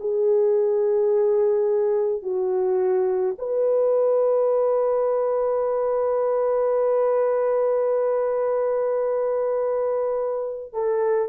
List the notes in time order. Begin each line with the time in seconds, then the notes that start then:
0.00 G#4
2.22 F#4
3.38 B4
10.73 A4